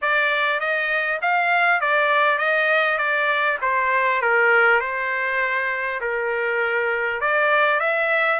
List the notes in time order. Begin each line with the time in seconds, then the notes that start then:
0.01 D5
0.60 D#5
1.21 F5
1.80 D5
2.38 D#5
2.98 D5
3.61 C5
4.21 A#4
4.80 C5
6.00 A#4
7.20 D5
7.79 E5